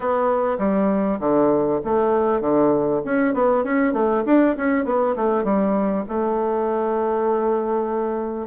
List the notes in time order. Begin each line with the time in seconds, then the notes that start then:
0.00 B3
0.58 G3
1.19 D3
1.84 A3
2.40 D3
3.04 C#4
3.34 B3
3.64 C#4
3.93 A3
4.25 D4
4.56 C#4
4.85 B3
5.15 A3
5.44 G3
6.08 A3